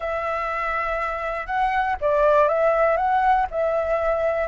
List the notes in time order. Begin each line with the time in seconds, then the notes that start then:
0.00 E5
1.46 F#5
2.00 D5
2.48 E5
2.96 F#5
3.50 E5